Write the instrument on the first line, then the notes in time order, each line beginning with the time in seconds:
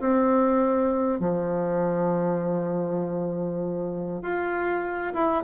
bassoon
0.00 C4
1.20 F3
4.22 F4
5.14 E4